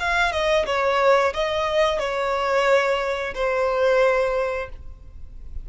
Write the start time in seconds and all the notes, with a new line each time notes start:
0.00 F5
0.32 D#5
0.66 C#5
1.34 D#5
1.99 C#5
3.35 C5